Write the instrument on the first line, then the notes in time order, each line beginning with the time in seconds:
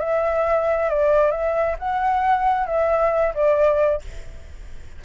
flute
0.00 E5
0.90 D5
1.31 E5
1.79 F#5
2.66 E5
3.35 D5